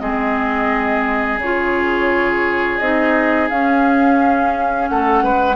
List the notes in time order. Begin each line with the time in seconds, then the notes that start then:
0.00 G#3 C4 G#4 D#5
1.38 C#3 C#5
1.44 F4
2.79 C4 D#4 D#5
3.49 C#4 F5
4.89 A3 A4 F#5
5.23 G#3 B4